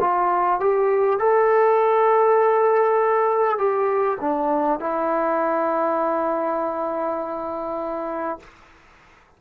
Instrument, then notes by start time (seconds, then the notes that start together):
trombone
0.00 F4
0.60 G4
1.19 A4
3.57 G4
4.20 D4
4.79 E4